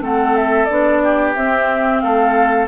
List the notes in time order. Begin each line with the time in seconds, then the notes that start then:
0.00 A3 C4 A4 F#5
0.36 E5
0.64 B3 D4 D5
1.03 G4
1.34 C4 E5
2.00 A3 A4 F5